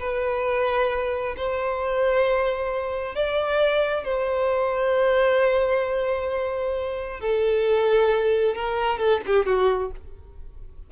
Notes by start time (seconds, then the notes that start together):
0.00 B4
1.37 C5
3.16 D5
4.05 C5
7.21 A4
8.55 A#4
8.99 A4
9.26 G4
9.46 F#4